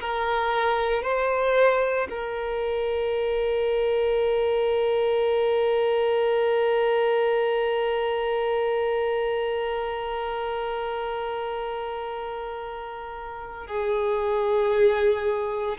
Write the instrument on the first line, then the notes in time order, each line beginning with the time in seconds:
violin
0.00 A#4
1.03 C5
2.10 A#4
13.67 G#4